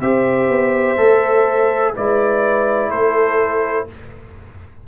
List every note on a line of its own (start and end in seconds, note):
0.00 0.48 C4
0.00 0.97 G4
0.00 1.94 C5
0.00 1.95 E5
0.48 0.97 B3
0.97 1.95 A3
0.97 1.94 A4
1.94 2.91 G#3
1.94 3.88 E4
1.94 2.90 B4
1.94 2.91 D5
2.90 3.87 A3
2.90 3.87 A4
2.90 3.87 C5